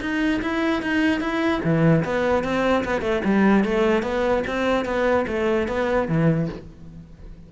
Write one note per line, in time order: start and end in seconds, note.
0.00 0.41 D#4
0.41 0.82 E4
0.82 1.20 D#4
1.20 1.61 E4
1.63 2.04 E3
2.04 2.43 B3
2.43 2.84 C4
2.84 3.01 B3
3.01 3.21 A3
3.24 3.64 G3
3.64 4.02 A3
4.02 4.43 B3
4.46 4.85 C4
4.85 5.25 B3
5.27 5.67 A3
5.67 6.08 B3
6.08 6.48 E3